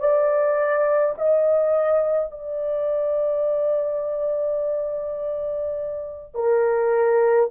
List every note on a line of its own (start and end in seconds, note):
0.00 1.15 D5
1.18 2.32 D#5
2.32 6.35 D5
6.35 7.51 A#4